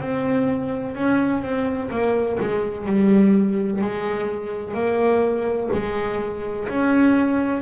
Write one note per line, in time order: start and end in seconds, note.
0.00 0.94 C4
0.94 1.42 C#4
1.42 1.90 C4
1.90 2.38 A#3
2.39 2.86 G#3
2.86 3.81 G3
3.81 4.74 G#3
4.74 5.69 A#3
5.73 6.68 G#3
6.68 7.61 C#4